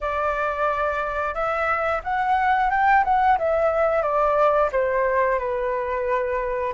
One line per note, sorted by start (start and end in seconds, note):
0.00 1.34 D5
1.34 2.01 E5
2.03 2.70 F#5
2.70 3.04 G5
3.04 3.38 F#5
3.38 4.02 E5
4.02 4.69 D5
4.72 5.38 C5
5.38 6.73 B4